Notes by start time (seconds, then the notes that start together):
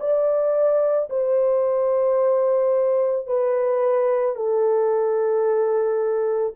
0.00 D5
1.10 C5
3.27 B4
4.36 A4